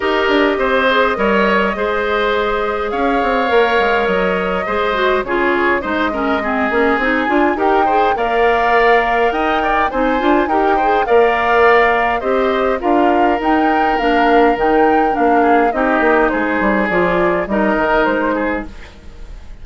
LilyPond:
<<
  \new Staff \with { instrumentName = "flute" } { \time 4/4 \tempo 4 = 103 dis''1~ | dis''4 f''2 dis''4~ | dis''4 cis''4 dis''2 | gis''4 g''4 f''2 |
g''4 gis''4 g''4 f''4~ | f''4 dis''4 f''4 g''4 | f''4 g''4 f''4 dis''4 | c''4 d''4 dis''4 c''4 | }
  \new Staff \with { instrumentName = "oboe" } { \time 4/4 ais'4 c''4 cis''4 c''4~ | c''4 cis''2. | c''4 gis'4 c''8 ais'8 gis'4~ | gis'4 ais'8 c''8 d''2 |
dis''8 d''8 c''4 ais'8 c''8 d''4~ | d''4 c''4 ais'2~ | ais'2~ ais'8 gis'8 g'4 | gis'2 ais'4. gis'8 | }
  \new Staff \with { instrumentName = "clarinet" } { \time 4/4 g'4. gis'8 ais'4 gis'4~ | gis'2 ais'2 | gis'8 fis'8 f'4 dis'8 cis'8 c'8 cis'8 | dis'8 f'8 g'8 gis'8 ais'2~ |
ais'4 dis'8 f'8 g'8 gis'8 ais'4~ | ais'4 g'4 f'4 dis'4 | d'4 dis'4 d'4 dis'4~ | dis'4 f'4 dis'2 | }
  \new Staff \with { instrumentName = "bassoon" } { \time 4/4 dis'8 d'8 c'4 g4 gis4~ | gis4 cis'8 c'8 ais8 gis8 fis4 | gis4 cis4 gis4. ais8 | c'8 d'8 dis'4 ais2 |
dis'4 c'8 d'8 dis'4 ais4~ | ais4 c'4 d'4 dis'4 | ais4 dis4 ais4 c'8 ais8 | gis8 g8 f4 g8 dis8 gis4 | }
>>